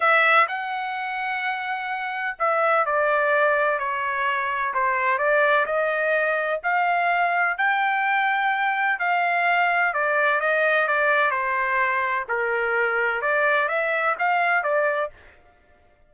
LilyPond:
\new Staff \with { instrumentName = "trumpet" } { \time 4/4 \tempo 4 = 127 e''4 fis''2.~ | fis''4 e''4 d''2 | cis''2 c''4 d''4 | dis''2 f''2 |
g''2. f''4~ | f''4 d''4 dis''4 d''4 | c''2 ais'2 | d''4 e''4 f''4 d''4 | }